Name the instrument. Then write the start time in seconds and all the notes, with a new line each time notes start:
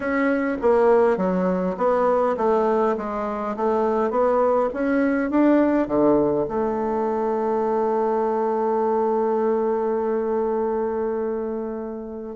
bassoon
0.00 C#4
0.61 A#3
1.17 F#3
1.77 B3
2.37 A3
2.97 G#3
3.56 A3
4.10 B3
4.73 C#4
5.30 D4
5.87 D3
6.48 A3